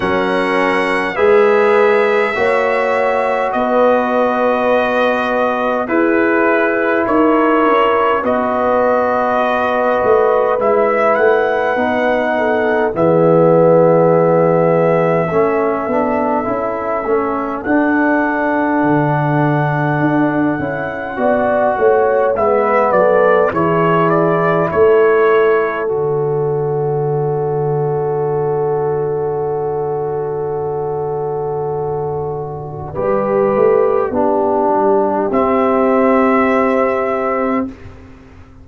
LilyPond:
<<
  \new Staff \with { instrumentName = "trumpet" } { \time 4/4 \tempo 4 = 51 fis''4 e''2 dis''4~ | dis''4 b'4 cis''4 dis''4~ | dis''4 e''8 fis''4. e''4~ | e''2. fis''4~ |
fis''2. e''8 d''8 | cis''8 d''8 cis''4 d''2~ | d''1~ | d''2 e''2 | }
  \new Staff \with { instrumentName = "horn" } { \time 4/4 ais'4 b'4 cis''4 b'4~ | b'4 gis'4 ais'4 b'4~ | b'2~ b'8 a'8 gis'4~ | gis'4 a'2.~ |
a'2 d''8 cis''8 b'8 a'8 | gis'4 a'2.~ | a'1 | b'4 g'2. | }
  \new Staff \with { instrumentName = "trombone" } { \time 4/4 cis'4 gis'4 fis'2~ | fis'4 e'2 fis'4~ | fis'4 e'4 dis'4 b4~ | b4 cis'8 d'8 e'8 cis'8 d'4~ |
d'4. e'8 fis'4 b4 | e'2 fis'2~ | fis'1 | g'4 d'4 c'2 | }
  \new Staff \with { instrumentName = "tuba" } { \time 4/4 fis4 gis4 ais4 b4~ | b4 e'4 dis'8 cis'8 b4~ | b8 a8 gis8 a8 b4 e4~ | e4 a8 b8 cis'8 a8 d'4 |
d4 d'8 cis'8 b8 a8 gis8 fis8 | e4 a4 d2~ | d1 | g8 a8 b8 g8 c'2 | }
>>